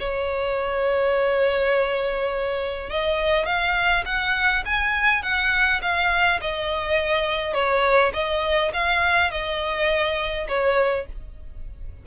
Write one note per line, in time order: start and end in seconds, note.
0.00 2.90 C#5
2.90 3.46 D#5
3.46 4.05 F5
4.06 4.64 F#5
4.66 5.23 G#5
5.23 5.81 F#5
5.83 6.41 F5
6.42 7.54 D#5
7.54 8.13 C#5
8.14 8.72 D#5
8.74 9.32 F5
9.32 10.48 D#5
10.49 11.07 C#5